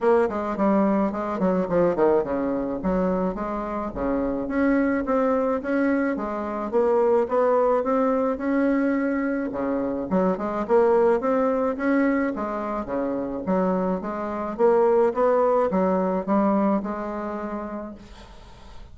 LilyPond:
\new Staff \with { instrumentName = "bassoon" } { \time 4/4 \tempo 4 = 107 ais8 gis8 g4 gis8 fis8 f8 dis8 | cis4 fis4 gis4 cis4 | cis'4 c'4 cis'4 gis4 | ais4 b4 c'4 cis'4~ |
cis'4 cis4 fis8 gis8 ais4 | c'4 cis'4 gis4 cis4 | fis4 gis4 ais4 b4 | fis4 g4 gis2 | }